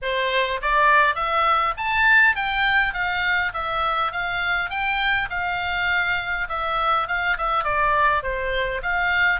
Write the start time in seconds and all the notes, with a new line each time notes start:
0.02 C5
0.61 D5
1.15 E5
1.77 A5
2.35 G5
2.93 F5
3.53 E5
4.12 F5
4.70 G5
5.30 F5
6.48 E5
7.07 F5
7.37 E5
7.64 D5
8.22 C5
8.82 F5